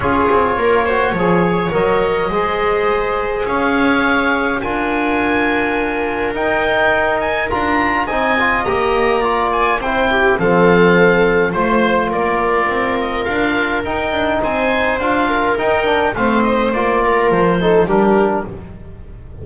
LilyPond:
<<
  \new Staff \with { instrumentName = "oboe" } { \time 4/4 \tempo 4 = 104 cis''2. dis''4~ | dis''2 f''2 | gis''2. g''4~ | g''8 gis''8 ais''4 gis''4 ais''4~ |
ais''8 gis''8 g''4 f''2 | c''4 d''4. dis''8 f''4 | g''4 gis''4 f''4 g''4 | f''8 dis''8 d''4 c''4 ais'4 | }
  \new Staff \with { instrumentName = "viola" } { \time 4/4 gis'4 ais'8 c''8 cis''2 | c''2 cis''2 | ais'1~ | ais'2 dis''2 |
d''4 c''8 g'8 a'2 | c''4 ais'2.~ | ais'4 c''4. ais'4. | c''4. ais'4 a'8 g'4 | }
  \new Staff \with { instrumentName = "trombone" } { \time 4/4 f'4. fis'8 gis'4 ais'4 | gis'1 | f'2. dis'4~ | dis'4 f'4 dis'8 f'8 g'4 |
f'4 e'4 c'2 | f'1 | dis'2 f'4 dis'8 d'8 | c'4 f'4. dis'8 d'4 | }
  \new Staff \with { instrumentName = "double bass" } { \time 4/4 cis'8 c'8 ais4 f4 fis4 | gis2 cis'2 | d'2. dis'4~ | dis'4 d'4 c'4 ais4~ |
ais4 c'4 f2 | a4 ais4 c'4 d'4 | dis'8 d'8 c'4 d'4 dis'4 | a4 ais4 f4 g4 | }
>>